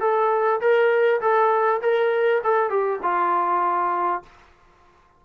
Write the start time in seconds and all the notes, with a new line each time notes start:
0.00 A4
0.61 A#4
1.21 A4
1.81 A#4
2.43 A4
2.69 G4
3.02 F4